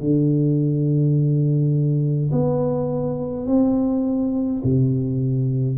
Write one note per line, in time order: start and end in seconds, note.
0.00 2.31 D3
2.31 3.46 B3
3.46 4.62 C4
4.64 5.77 C3